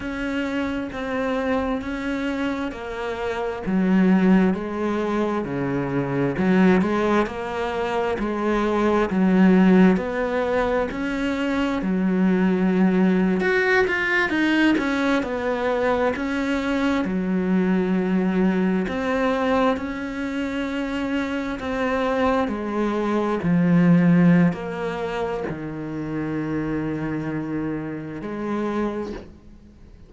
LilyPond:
\new Staff \with { instrumentName = "cello" } { \time 4/4 \tempo 4 = 66 cis'4 c'4 cis'4 ais4 | fis4 gis4 cis4 fis8 gis8 | ais4 gis4 fis4 b4 | cis'4 fis4.~ fis16 fis'8 f'8 dis'16~ |
dis'16 cis'8 b4 cis'4 fis4~ fis16~ | fis8. c'4 cis'2 c'16~ | c'8. gis4 f4~ f16 ais4 | dis2. gis4 | }